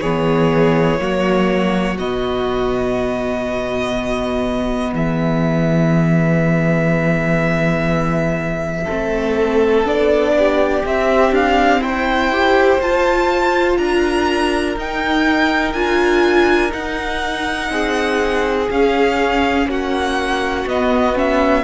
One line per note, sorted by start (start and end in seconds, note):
0.00 0.99 E3
0.00 0.99 B3
0.00 0.99 G#4
0.00 1.97 C#5
0.99 1.98 F#3
0.99 1.98 A#3
0.99 4.95 F#4
1.98 4.92 B2
1.98 8.87 B3
1.98 4.94 D#5
4.92 8.85 E3
4.92 8.84 G#4
4.92 9.86 E5
8.84 9.85 C4
8.84 10.31 A4
8.90 9.84 A3
9.84 10.82 B3
9.84 10.83 D4
9.84 10.85 D5
10.38 11.81 G4
10.84 12.31 C4
10.84 11.31 C4
10.84 11.34 E5
11.31 11.78 D4
11.31 11.82 F5
11.78 12.77 E4
11.78 13.78 C5
11.78 12.80 G5
12.31 12.81 G4
12.80 13.77 F4
12.80 14.78 F4
12.80 13.77 A5
13.77 14.75 D4
13.77 17.70 A#4
13.77 14.75 A#5
14.76 15.73 D#4
14.76 15.75 D#4
14.76 15.73 G5
15.73 16.71 D4
15.73 16.70 F4
15.73 16.71 G#5
16.70 18.67 D#4
16.70 17.69 D#4
16.70 18.69 F#5
17.69 18.68 C4
17.69 19.67 G#4
18.70 19.66 C#4
18.70 20.67 C#4
18.70 19.69 F5
19.66 20.64 A#3
19.66 21.64 F#4
19.66 20.68 F#5
20.66 21.64 B3
20.66 21.14 B3
20.66 21.17 D#5
21.14 21.64 C#4
21.14 21.64 E5